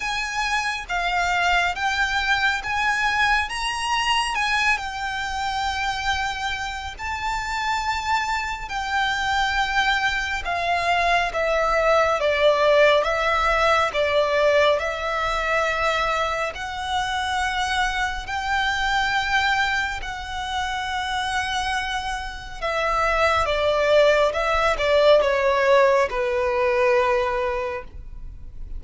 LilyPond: \new Staff \with { instrumentName = "violin" } { \time 4/4 \tempo 4 = 69 gis''4 f''4 g''4 gis''4 | ais''4 gis''8 g''2~ g''8 | a''2 g''2 | f''4 e''4 d''4 e''4 |
d''4 e''2 fis''4~ | fis''4 g''2 fis''4~ | fis''2 e''4 d''4 | e''8 d''8 cis''4 b'2 | }